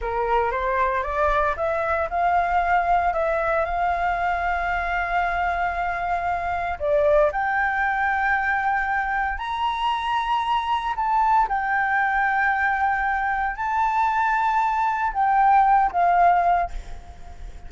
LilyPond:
\new Staff \with { instrumentName = "flute" } { \time 4/4 \tempo 4 = 115 ais'4 c''4 d''4 e''4 | f''2 e''4 f''4~ | f''1~ | f''4 d''4 g''2~ |
g''2 ais''2~ | ais''4 a''4 g''2~ | g''2 a''2~ | a''4 g''4. f''4. | }